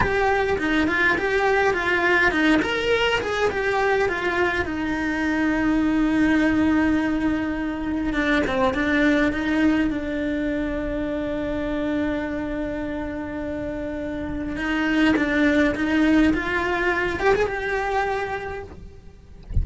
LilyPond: \new Staff \with { instrumentName = "cello" } { \time 4/4 \tempo 4 = 103 g'4 dis'8 f'8 g'4 f'4 | dis'8 ais'4 gis'8 g'4 f'4 | dis'1~ | dis'2 d'8 c'8 d'4 |
dis'4 d'2.~ | d'1~ | d'4 dis'4 d'4 dis'4 | f'4. g'16 gis'16 g'2 | }